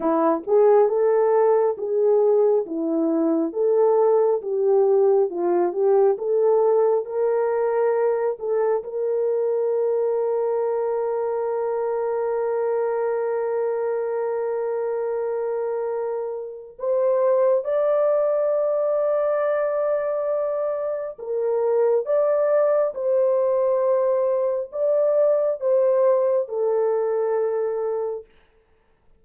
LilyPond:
\new Staff \with { instrumentName = "horn" } { \time 4/4 \tempo 4 = 68 e'8 gis'8 a'4 gis'4 e'4 | a'4 g'4 f'8 g'8 a'4 | ais'4. a'8 ais'2~ | ais'1~ |
ais'2. c''4 | d''1 | ais'4 d''4 c''2 | d''4 c''4 a'2 | }